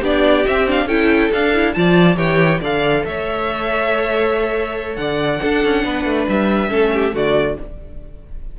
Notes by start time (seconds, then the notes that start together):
0.00 B3 D4 G4 D5
0.47 C4 E5
0.68 D4 F5
0.86 C#4 E4 A4 G5
1.32 D4 F5
1.54 E4
1.74 F3 F4 D5 A5
2.16 E3 G4 C#5 G5
2.61 D3 A4 D5 F5
3.06 A3 C#5 E5
4.96 D3 D5 F#5
5.41 D4 A4
5.65 C#4
5.85 B3 B4
6.06 A3
6.29 G3 E5
6.70 A3 C#4 A4
6.94 G4
7.13 D3 A3 F#4 D5